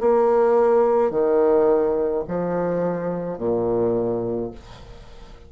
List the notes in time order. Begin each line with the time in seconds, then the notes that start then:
0.00 A#3
1.10 D#3
2.27 F3
3.38 A#2